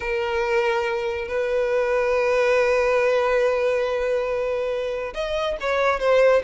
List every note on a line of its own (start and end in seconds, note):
0.00 1.28 A#4
1.28 5.13 B4
5.14 5.56 D#5
5.60 5.99 C#5
5.99 6.42 C5